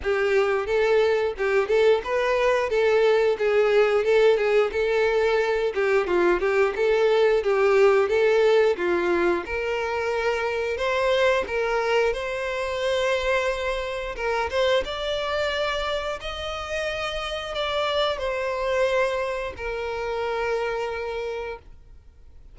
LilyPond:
\new Staff \with { instrumentName = "violin" } { \time 4/4 \tempo 4 = 89 g'4 a'4 g'8 a'8 b'4 | a'4 gis'4 a'8 gis'8 a'4~ | a'8 g'8 f'8 g'8 a'4 g'4 | a'4 f'4 ais'2 |
c''4 ais'4 c''2~ | c''4 ais'8 c''8 d''2 | dis''2 d''4 c''4~ | c''4 ais'2. | }